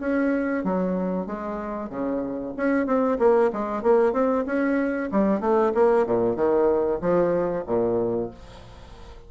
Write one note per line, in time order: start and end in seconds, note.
0.00 0.64 C#4
0.64 1.26 F#3
1.26 1.89 G#3
1.89 2.53 C#3
2.57 2.86 C#4
2.86 3.18 C4
3.19 3.50 A#3
3.53 3.83 G#3
3.83 4.13 A#3
4.13 4.45 C4
4.46 5.10 C#4
5.12 5.40 G3
5.40 5.72 A3
5.74 6.06 A#3
6.06 6.36 A#2
6.36 7.00 D#3
7.01 7.65 F3
7.67 8.30 A#2